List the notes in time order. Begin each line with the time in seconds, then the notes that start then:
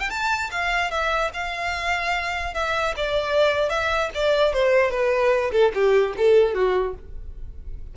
0.00 G5
0.10 A5
0.51 F5
0.91 E5
1.34 F5
2.54 E5
2.97 D5
3.70 E5
4.15 D5
4.53 C5
4.91 B4
5.52 A4
5.74 G4
6.17 A4
6.54 F#4